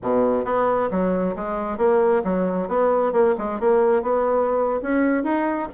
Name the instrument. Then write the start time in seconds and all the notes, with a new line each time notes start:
bassoon
0.02 B2
0.44 B3
0.90 F#3
1.35 G#3
1.77 A#3
2.23 F#3
2.68 B3
3.12 A#3
3.38 G#3
3.59 A#3
4.02 B3
4.82 C#4
5.23 D#4